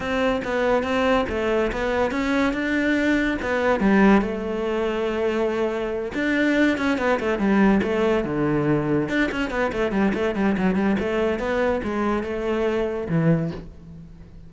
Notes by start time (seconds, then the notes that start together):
0.00 C4
0.44 B3
0.83 C4
1.29 A3
1.72 B3
2.11 C#4
2.53 D4
3.42 B3
3.80 G3
4.21 A3
6.14 D4
6.77 C#4
6.98 B3
7.19 A3
7.38 G3
7.83 A3
8.24 D3
9.08 D4
9.31 C#4
9.50 B3
9.72 A3
9.91 G3
10.14 A3
10.35 G3
10.57 F#3
10.75 G3
10.99 A3
11.39 B3
11.83 G#3
12.23 A3
13.09 E3